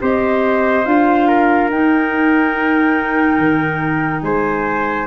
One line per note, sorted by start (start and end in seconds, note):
0.00 0.86 C4
0.00 0.85 G4
0.00 1.27 C5
0.00 0.85 D#5
0.85 1.70 D4
0.85 1.70 F4
0.85 1.70 F5
1.27 4.23 A#4
1.70 3.38 D#4
1.70 5.07 D#4
1.70 4.22 G5
3.38 4.22 D#3
4.22 5.07 G#3
4.22 5.07 C5
4.22 5.06 G#5